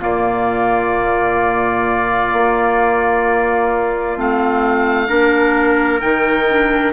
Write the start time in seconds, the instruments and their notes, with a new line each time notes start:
0.00 bassoon A#2, clarinet A#3, trumpet F4, oboe D5
2.33 bassoon A#3
4.17 bassoon A3, clarinet C4, oboe F5
5.08 bassoon A#3, clarinet D4, trumpet A#4
6.00 bassoon D#3, clarinet D#4, oboe G5
6.51 clarinet D4